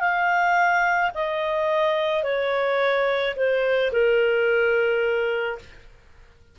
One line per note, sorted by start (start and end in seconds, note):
0.00 1.11 F5
1.15 2.23 D#5
2.23 3.34 C#5
3.36 3.91 C5
3.92 5.59 A#4